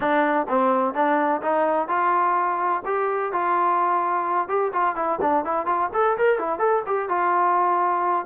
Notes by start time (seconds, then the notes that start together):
0.00 D4
0.48 C4
0.93 D4
1.42 D#4
1.88 F4
2.85 G4
3.32 F4
4.48 G4
4.72 F4
4.95 E4
5.21 D4
5.44 E4
5.65 F4
5.93 A4
6.17 A#4
6.38 E4
6.59 A4
6.86 G4
7.08 F4